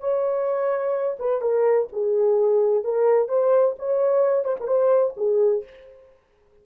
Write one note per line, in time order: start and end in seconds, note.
0.00 1.17 C#5
1.19 1.41 B4
1.41 1.88 A#4
1.93 2.84 G#4
2.84 3.29 A#4
3.29 3.75 C5
3.79 4.44 C#5
4.44 4.56 C5
4.60 4.67 A#4
4.67 5.14 C5
5.17 5.64 G#4